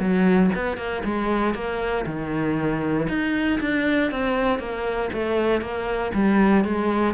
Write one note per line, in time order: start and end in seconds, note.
0.00 0.51 F#3
0.56 0.77 B3
0.77 1.03 A#3
1.05 1.55 G#3
1.55 2.05 A#3
2.06 3.08 D#3
3.09 3.60 D#4
3.61 4.11 D4
4.11 4.59 C4
4.59 5.10 A#3
5.13 5.62 A3
5.62 6.12 A#3
6.14 6.65 G3
6.65 7.15 G#3